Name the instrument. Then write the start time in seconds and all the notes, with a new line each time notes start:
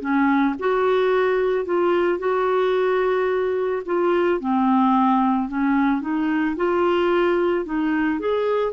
clarinet
0.00 C#4
0.59 F#4
1.65 F4
2.19 F#4
3.85 F4
4.40 C4
5.48 C#4
6.01 D#4
6.56 F4
7.65 D#4
8.20 G#4